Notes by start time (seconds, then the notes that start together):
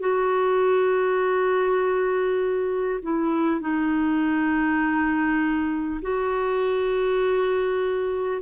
0.00 F#4
3.02 E4
3.61 D#4
6.02 F#4